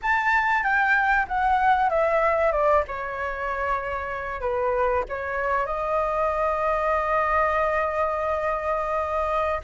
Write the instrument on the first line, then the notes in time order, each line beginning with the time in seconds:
flute
0.02 A5
0.63 G5
1.28 F#5
1.89 E5
2.51 D5
2.87 C#5
4.40 B4
5.08 C#5
5.66 D#5